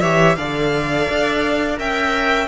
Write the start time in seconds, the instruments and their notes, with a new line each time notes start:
0.00 cello E3, viola G4, violin C#5 E5
0.35 cello D3, viola A4, violin D5 F5
1.09 cello D4
1.76 cello C#4, viola A#4, violin E5 G5